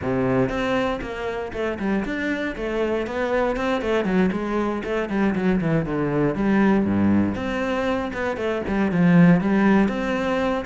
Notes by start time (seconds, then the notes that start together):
0.02 C3
0.49 C4
1.01 A#3
1.53 A3
1.79 G3
2.04 D4
2.55 A3
3.06 B3
3.56 C4
3.81 A3
4.04 F#3
4.32 G#3
4.84 A3
5.09 G3
5.35 F#3
5.60 E3
5.85 D3
6.35 G3
6.85 G2
7.35 C4
8.13 B3
8.36 A3
8.67 G3
8.91 F3
9.40 G3
9.88 C4